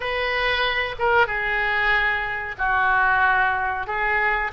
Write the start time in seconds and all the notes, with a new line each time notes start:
0.00 B4
0.98 A#4
1.26 G#4
2.58 F#4
3.86 G#4